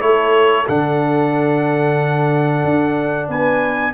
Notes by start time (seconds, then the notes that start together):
0.00 A3 E4 A4 C#5
0.68 D3 D4 F#5
2.64 D4
3.29 B3 B4 G#5